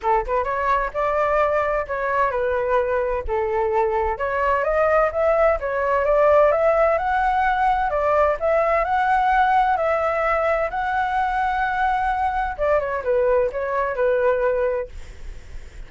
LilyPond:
\new Staff \with { instrumentName = "flute" } { \time 4/4 \tempo 4 = 129 a'8 b'8 cis''4 d''2 | cis''4 b'2 a'4~ | a'4 cis''4 dis''4 e''4 | cis''4 d''4 e''4 fis''4~ |
fis''4 d''4 e''4 fis''4~ | fis''4 e''2 fis''4~ | fis''2. d''8 cis''8 | b'4 cis''4 b'2 | }